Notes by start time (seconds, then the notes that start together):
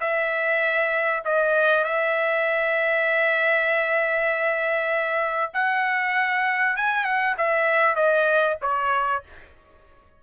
0.00 E5
1.24 D#5
1.84 E5
5.53 F#5
6.76 G#5
7.04 F#5
7.37 E5
7.95 D#5
8.61 C#5